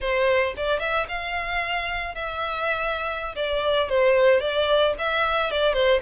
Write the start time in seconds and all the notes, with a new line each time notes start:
0.00 C5
0.56 D5
0.79 E5
1.08 F5
2.14 E5
3.35 D5
3.89 C5
4.40 D5
4.98 E5
5.51 D5
5.73 C5